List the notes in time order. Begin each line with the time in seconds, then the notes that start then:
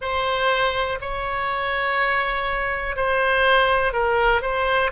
0.00 C5
1.00 C#5
2.96 C5
3.92 A#4
4.41 C5